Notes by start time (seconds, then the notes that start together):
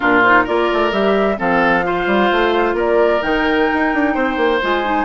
0.00 A#2 D4 F4 A#4
0.22 D#4 C5
0.44 A#3 F4 A#4 D5
0.73 A3
0.91 G3 G4 E5
1.37 F3 C4 A4 F5
1.83 F4 C5
2.06 G3
2.31 A3
2.74 A#3 A#4 D5
3.21 D#3 D#4 G5
3.73 D#4
3.94 D4
4.14 C4 C5
4.36 A#3
4.61 G#3 F4 G#5
4.84 D#4